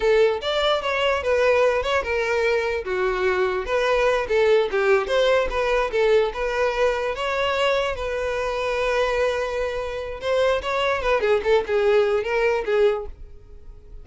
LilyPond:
\new Staff \with { instrumentName = "violin" } { \time 4/4 \tempo 4 = 147 a'4 d''4 cis''4 b'4~ | b'8 cis''8 ais'2 fis'4~ | fis'4 b'4. a'4 g'8~ | g'8 c''4 b'4 a'4 b'8~ |
b'4. cis''2 b'8~ | b'1~ | b'4 c''4 cis''4 b'8 gis'8 | a'8 gis'4. ais'4 gis'4 | }